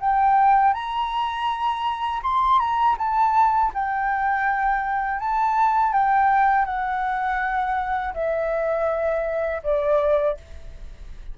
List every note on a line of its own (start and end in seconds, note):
0.00 0.74 G5
0.74 2.22 A#5
2.23 2.59 C6
2.59 2.96 A#5
2.98 3.72 A5
3.74 5.20 G5
5.20 5.93 A5
5.93 6.65 G5
6.65 8.13 F#5
8.14 9.62 E5
9.63 10.37 D5